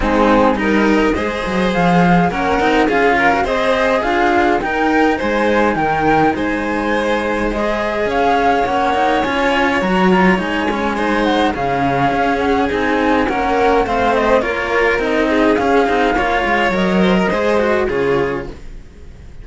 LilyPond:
<<
  \new Staff \with { instrumentName = "flute" } { \time 4/4 \tempo 4 = 104 gis'4 dis''2 f''4 | fis''4 f''4 dis''4 f''4 | g''4 gis''4 g''4 gis''4~ | gis''4 dis''4 f''4 fis''4 |
gis''4 ais''4 gis''4. fis''8 | f''4. fis''8 gis''4 fis''4 | f''8 dis''8 cis''4 dis''4 f''4~ | f''4 dis''2 cis''4 | }
  \new Staff \with { instrumentName = "violin" } { \time 4/4 dis'4 ais'4 c''2 | ais'4 gis'8 ais'8 c''4 f'4 | ais'4 c''4 ais'4 c''4~ | c''2 cis''2~ |
cis''2. c''4 | gis'2. ais'4 | c''4 ais'4. gis'4. | cis''4. c''16 ais'16 c''4 gis'4 | }
  \new Staff \with { instrumentName = "cello" } { \time 4/4 c'4 dis'4 gis'2 | cis'8 dis'8 f'8. fis'16 gis'2 | dis'1~ | dis'4 gis'2 cis'8 dis'8 |
f'4 fis'8 f'8 dis'8 cis'8 dis'4 | cis'2 dis'4 cis'4 | c'4 f'4 dis'4 cis'8 dis'8 | f'4 ais'4 gis'8 fis'8 f'4 | }
  \new Staff \with { instrumentName = "cello" } { \time 4/4 gis4 g4 gis8 fis8 f4 | ais8 c'8 cis'4 c'4 d'4 | dis'4 gis4 dis4 gis4~ | gis2 cis'4 ais4 |
cis'4 fis4 gis2 | cis4 cis'4 c'4 ais4 | a4 ais4 c'4 cis'8 c'8 | ais8 gis8 fis4 gis4 cis4 | }
>>